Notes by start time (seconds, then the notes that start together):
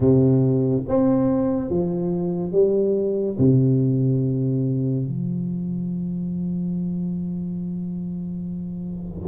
0.00 C3
0.88 C4
1.69 F3
2.52 G3
3.38 C3
5.07 F3